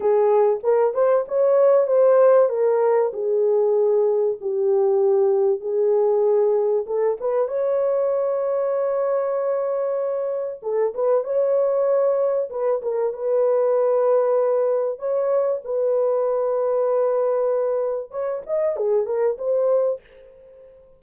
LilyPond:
\new Staff \with { instrumentName = "horn" } { \time 4/4 \tempo 4 = 96 gis'4 ais'8 c''8 cis''4 c''4 | ais'4 gis'2 g'4~ | g'4 gis'2 a'8 b'8 | cis''1~ |
cis''4 a'8 b'8 cis''2 | b'8 ais'8 b'2. | cis''4 b'2.~ | b'4 cis''8 dis''8 gis'8 ais'8 c''4 | }